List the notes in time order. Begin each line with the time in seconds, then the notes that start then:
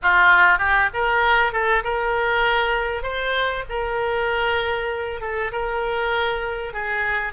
0.02 F4
0.58 G4
0.93 A#4
1.52 A4
1.84 A#4
3.03 C5
3.69 A#4
5.20 A4
5.51 A#4
6.73 G#4